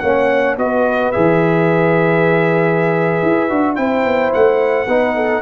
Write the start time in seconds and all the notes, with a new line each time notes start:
0.00 A#3 C#4 C#5 F#5
0.57 B3 F#4 B4 D#5
1.12 E3 G#4 E5
3.23 E4
3.50 D4 F#4
3.76 C4 E4 C5 G5
4.05 B3
4.34 A3 F#5
4.88 B3 D#4 B4
5.16 A4